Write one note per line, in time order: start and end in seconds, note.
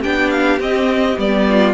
0.00 0.60 B3
0.00 0.59 D4
0.00 1.43 G4
0.00 0.30 G5
0.30 0.59 F5
0.59 1.17 C4
0.59 1.19 D#5
1.17 1.74 G3
1.17 1.74 B3
1.17 1.74 D5
1.49 1.74 F4